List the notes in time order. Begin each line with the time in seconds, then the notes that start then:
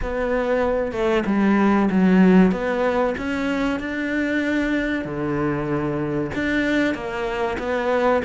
0.02 B3
0.92 A3
1.26 G3
1.90 F#3
2.51 B3
3.17 C#4
3.79 D4
5.04 D3
6.34 D4
6.94 A#3
7.58 B3